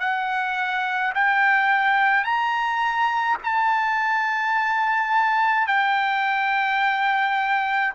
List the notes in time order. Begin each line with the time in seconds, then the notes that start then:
0.00 F#5
1.15 G5
2.24 A#5
3.43 A5
5.67 G5